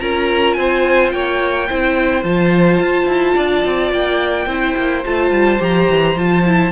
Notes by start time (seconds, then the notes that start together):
0.00 C#4 F4 A#4 A#5
0.53 C4 C5 G#5
1.11 A#3 C#5 G5
1.69 C4 E4 C5
2.24 F3 F4 A5
2.80 F4
3.07 E4
3.35 D4 D5
3.65 C4
3.92 A#3 G5
4.46 C4 E4 C5
4.77 A#3
5.05 A3 F4 A5
5.31 G3
5.59 F3 G4 A#5
5.89 E3
6.15 F3 F4 A5
6.45 E4